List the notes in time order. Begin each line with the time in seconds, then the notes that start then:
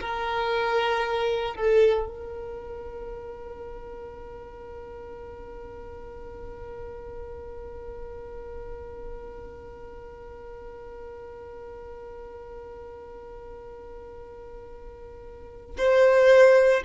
0.00 A#4
1.55 A4
2.08 A#4
15.78 C5